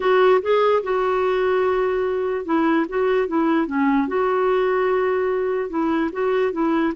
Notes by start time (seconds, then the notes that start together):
0.00 F#4
0.42 G#4
0.83 F#4
2.45 E4
2.88 F#4
3.27 E4
3.66 C#4
4.07 F#4
5.69 E4
6.12 F#4
6.52 E4